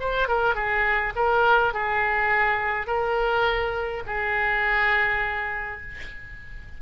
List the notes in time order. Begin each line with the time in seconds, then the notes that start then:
0.00 C5
0.28 A#4
0.55 G#4
1.15 A#4
1.73 G#4
2.86 A#4
4.06 G#4